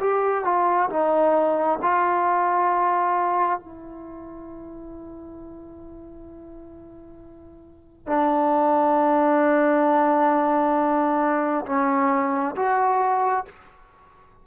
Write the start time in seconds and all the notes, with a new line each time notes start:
0.00 G4
0.44 F4
0.90 D#4
1.82 F4
3.59 E4
8.07 D4
11.66 C#4
12.55 F#4